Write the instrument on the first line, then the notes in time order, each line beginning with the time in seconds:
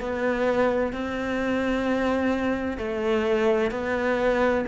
cello
0.00 B3
0.92 C4
2.77 A3
3.71 B3